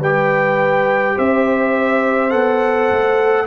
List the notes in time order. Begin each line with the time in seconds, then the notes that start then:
0.00 G3 G4 B4 G5
1.15 C4 C5 E5
2.30 B3 A4 F#5
2.91 A3